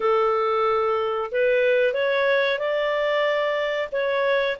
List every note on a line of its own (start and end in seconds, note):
0.00 1.30 A4
1.31 1.93 B4
1.93 2.58 C#5
2.58 3.89 D5
3.92 4.57 C#5